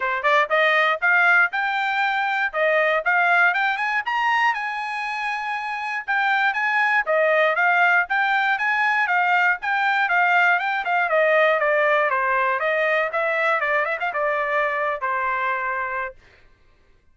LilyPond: \new Staff \with { instrumentName = "trumpet" } { \time 4/4 \tempo 4 = 119 c''8 d''8 dis''4 f''4 g''4~ | g''4 dis''4 f''4 g''8 gis''8 | ais''4 gis''2. | g''4 gis''4 dis''4 f''4 |
g''4 gis''4 f''4 g''4 | f''4 g''8 f''8 dis''4 d''4 | c''4 dis''4 e''4 d''8 e''16 f''16 | d''4.~ d''16 c''2~ c''16 | }